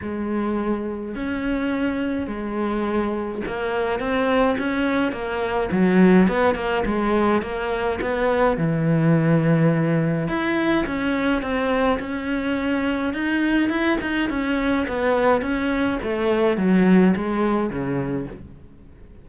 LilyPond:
\new Staff \with { instrumentName = "cello" } { \time 4/4 \tempo 4 = 105 gis2 cis'2 | gis2 ais4 c'4 | cis'4 ais4 fis4 b8 ais8 | gis4 ais4 b4 e4~ |
e2 e'4 cis'4 | c'4 cis'2 dis'4 | e'8 dis'8 cis'4 b4 cis'4 | a4 fis4 gis4 cis4 | }